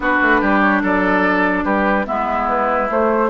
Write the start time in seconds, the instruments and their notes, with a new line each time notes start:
0.00 bassoon B3, clarinet D4, oboe F#4, flute B4
0.21 bassoon A3
0.41 bassoon G3, oboe G4
0.61 flute C#5
0.82 bassoon F#3, oboe A4, flute D5
1.64 bassoon G3, oboe G4, flute B4
2.06 bassoon G#3, clarinet B3, oboe E4, flute E5
2.48 flute B4
2.89 bassoon A3, clarinet A3, flute C5